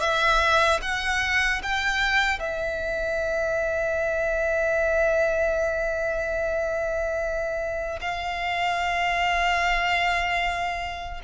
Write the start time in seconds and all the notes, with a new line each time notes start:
0.00 E5
0.82 F#5
1.63 G5
2.40 E5
8.01 F5